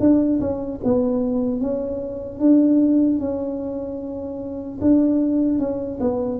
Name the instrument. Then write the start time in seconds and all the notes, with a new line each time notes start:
tuba
0.00 D4
0.40 C#4
0.84 B3
1.61 C#4
2.40 D4
3.20 C#4
4.81 D4
5.59 C#4
6.01 B3